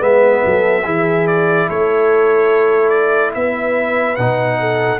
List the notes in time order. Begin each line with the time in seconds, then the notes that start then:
0.00 G#3 B3 B4 E5
0.46 F#3 A4
0.84 E3 E4 G#4
1.27 D5
1.68 A3 A4 C#5
2.90 D5
3.34 B3 B4 E5
4.16 B2 D#4 F#5
4.60 A4